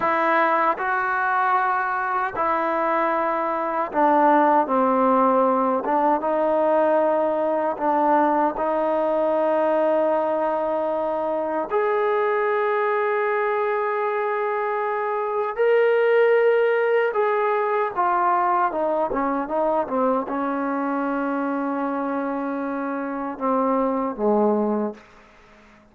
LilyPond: \new Staff \with { instrumentName = "trombone" } { \time 4/4 \tempo 4 = 77 e'4 fis'2 e'4~ | e'4 d'4 c'4. d'8 | dis'2 d'4 dis'4~ | dis'2. gis'4~ |
gis'1 | ais'2 gis'4 f'4 | dis'8 cis'8 dis'8 c'8 cis'2~ | cis'2 c'4 gis4 | }